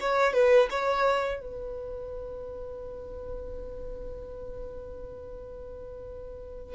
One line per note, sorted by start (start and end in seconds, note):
0.00 0.33 C#5
0.33 0.69 B4
0.70 1.41 C#5
1.41 6.75 B4